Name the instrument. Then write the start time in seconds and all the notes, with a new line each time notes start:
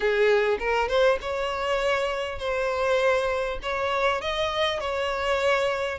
violin
0.00 G#4
0.59 A#4
0.88 C5
1.21 C#5
2.38 C5
3.62 C#5
4.21 D#5
4.80 C#5